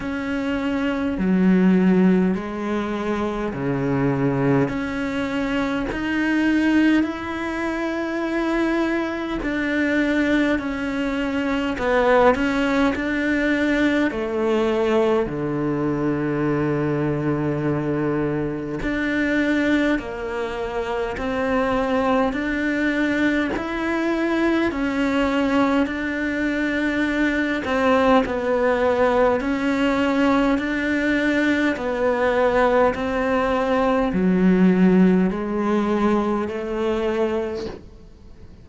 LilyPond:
\new Staff \with { instrumentName = "cello" } { \time 4/4 \tempo 4 = 51 cis'4 fis4 gis4 cis4 | cis'4 dis'4 e'2 | d'4 cis'4 b8 cis'8 d'4 | a4 d2. |
d'4 ais4 c'4 d'4 | e'4 cis'4 d'4. c'8 | b4 cis'4 d'4 b4 | c'4 fis4 gis4 a4 | }